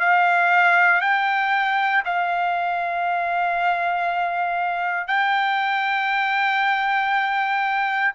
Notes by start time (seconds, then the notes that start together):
0.00 F5
1.01 G5
2.05 F5
5.08 G5